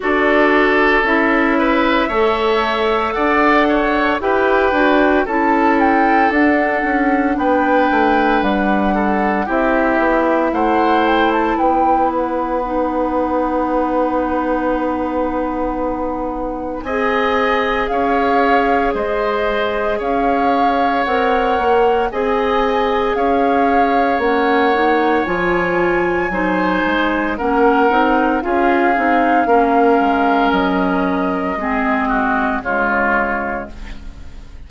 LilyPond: <<
  \new Staff \with { instrumentName = "flute" } { \time 4/4 \tempo 4 = 57 d''4 e''2 fis''4 | g''4 a''8 g''8 fis''4 g''4 | fis''4 e''4 fis''8 g''16 a''16 g''8 fis''8~ | fis''1 |
gis''4 f''4 dis''4 f''4 | fis''4 gis''4 f''4 fis''4 | gis''2 fis''4 f''4~ | f''4 dis''2 cis''4 | }
  \new Staff \with { instrumentName = "oboe" } { \time 4/4 a'4. b'8 cis''4 d''8 cis''8 | b'4 a'2 b'4~ | b'8 a'8 g'4 c''4 b'4~ | b'1 |
dis''4 cis''4 c''4 cis''4~ | cis''4 dis''4 cis''2~ | cis''4 c''4 ais'4 gis'4 | ais'2 gis'8 fis'8 f'4 | }
  \new Staff \with { instrumentName = "clarinet" } { \time 4/4 fis'4 e'4 a'2 | g'8 fis'8 e'4 d'2~ | d'4 e'2. | dis'1 |
gis'1 | ais'4 gis'2 cis'8 dis'8 | f'4 dis'4 cis'8 dis'8 f'8 dis'8 | cis'2 c'4 gis4 | }
  \new Staff \with { instrumentName = "bassoon" } { \time 4/4 d'4 cis'4 a4 d'4 | e'8 d'8 cis'4 d'8 cis'8 b8 a8 | g4 c'8 b8 a4 b4~ | b1 |
c'4 cis'4 gis4 cis'4 | c'8 ais8 c'4 cis'4 ais4 | f4 fis8 gis8 ais8 c'8 cis'8 c'8 | ais8 gis8 fis4 gis4 cis4 | }
>>